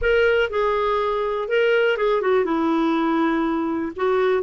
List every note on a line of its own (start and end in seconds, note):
0.01 0.50 A#4
0.50 1.48 G#4
1.48 1.97 A#4
1.97 2.21 G#4
2.21 2.44 F#4
2.44 3.92 E4
3.96 4.43 F#4